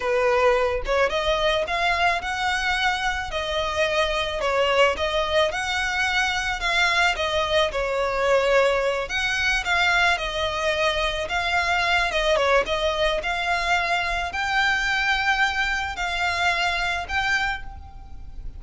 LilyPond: \new Staff \with { instrumentName = "violin" } { \time 4/4 \tempo 4 = 109 b'4. cis''8 dis''4 f''4 | fis''2 dis''2 | cis''4 dis''4 fis''2 | f''4 dis''4 cis''2~ |
cis''8 fis''4 f''4 dis''4.~ | dis''8 f''4. dis''8 cis''8 dis''4 | f''2 g''2~ | g''4 f''2 g''4 | }